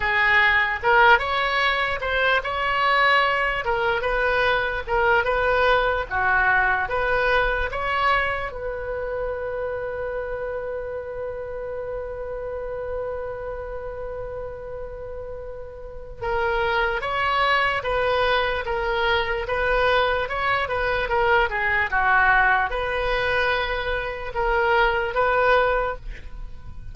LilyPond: \new Staff \with { instrumentName = "oboe" } { \time 4/4 \tempo 4 = 74 gis'4 ais'8 cis''4 c''8 cis''4~ | cis''8 ais'8 b'4 ais'8 b'4 fis'8~ | fis'8 b'4 cis''4 b'4.~ | b'1~ |
b'1 | ais'4 cis''4 b'4 ais'4 | b'4 cis''8 b'8 ais'8 gis'8 fis'4 | b'2 ais'4 b'4 | }